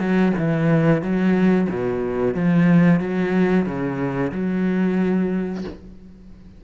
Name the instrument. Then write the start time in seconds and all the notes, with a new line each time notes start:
cello
0.00 F#3
0.38 E3
1.02 F#3
1.70 B2
2.34 F3
3.00 F#3
3.66 C#3
4.32 F#3